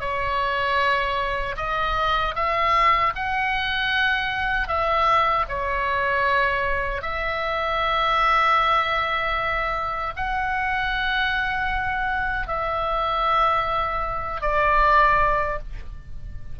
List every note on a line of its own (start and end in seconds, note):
0.00 1.56 C#5
1.57 2.34 D#5
2.35 3.13 E5
3.16 4.68 F#5
4.68 5.45 E5
5.49 7.02 C#5
7.02 10.13 E5
10.16 12.47 F#5
12.47 14.42 E5
14.42 15.58 D5